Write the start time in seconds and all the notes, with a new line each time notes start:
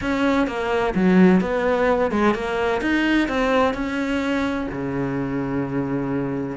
0.01 C#4
0.47 A#3
0.94 F#3
1.40 B3
2.11 G#3
2.34 A#3
2.81 D#4
3.28 C4
3.74 C#4
4.71 C#3